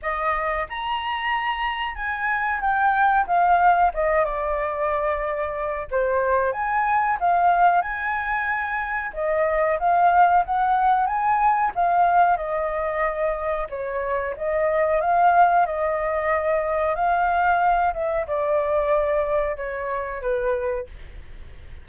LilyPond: \new Staff \with { instrumentName = "flute" } { \time 4/4 \tempo 4 = 92 dis''4 ais''2 gis''4 | g''4 f''4 dis''8 d''4.~ | d''4 c''4 gis''4 f''4 | gis''2 dis''4 f''4 |
fis''4 gis''4 f''4 dis''4~ | dis''4 cis''4 dis''4 f''4 | dis''2 f''4. e''8 | d''2 cis''4 b'4 | }